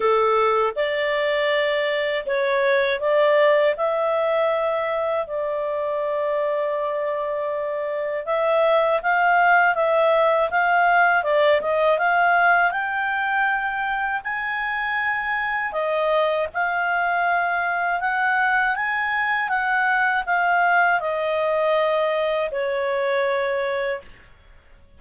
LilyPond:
\new Staff \with { instrumentName = "clarinet" } { \time 4/4 \tempo 4 = 80 a'4 d''2 cis''4 | d''4 e''2 d''4~ | d''2. e''4 | f''4 e''4 f''4 d''8 dis''8 |
f''4 g''2 gis''4~ | gis''4 dis''4 f''2 | fis''4 gis''4 fis''4 f''4 | dis''2 cis''2 | }